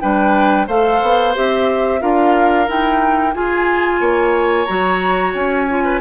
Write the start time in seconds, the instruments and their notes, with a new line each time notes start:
0.00 bassoon G3, clarinet D4, oboe B4, flute G5
0.67 bassoon A3, clarinet A4, oboe C5, flute F5
1.02 bassoon B3
1.35 bassoon C4, clarinet G4, flute E5
2.00 bassoon D4, clarinet F4, oboe A#4, flute F5
2.67 clarinet D#4, bassoon E4, flute G5
3.33 clarinet F4, bassoon F4, oboe G#4, flute G#5
4.00 bassoon A#3, oboe C#5
4.65 bassoon F#3, clarinet F#4, flute A#5
5.34 bassoon C#4, flute G#5
5.70 clarinet F4
5.84 oboe B4